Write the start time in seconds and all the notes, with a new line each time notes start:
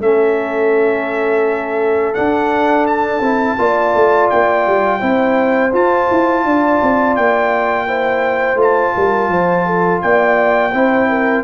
0.00 A3 C#4 A4 E5
2.14 D4 F#5
2.86 A5
3.19 C4 E4
3.58 A#3 F4 D5
3.94 A3
4.29 A#3 G5
4.67 G3
5.00 C4 E4 C5
5.73 F4 A5
6.10 E4
6.44 D4 D5
6.82 C4
7.15 A#3 G5
7.87 E4 C5
8.55 A3 F4 A5
8.96 G3 A#4
9.29 F3 C5
9.66 A4
10.01 A#3 D5 G5
10.72 C4 E4 C5
11.09 A#4